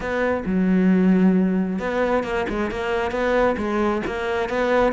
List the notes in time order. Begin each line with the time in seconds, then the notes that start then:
0.00 B3
0.45 F#3
1.79 B3
2.23 A#3
2.49 G#3
2.70 A#3
3.11 B3
3.57 G#3
4.06 A#3
4.49 B3